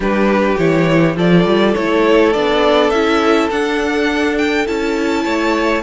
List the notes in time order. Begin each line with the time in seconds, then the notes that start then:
0.00 G3 D4 G4 B4
0.58 E3 E4 C#5
1.16 F3 F4 A4 D5
1.44 G3
1.74 A3 E4 C#5
2.33 B3 D4 D5
2.90 C#4 E4 E5
3.50 D4 F#5
4.37 G5
4.66 C#4 E4 A5
5.24 A3 C#5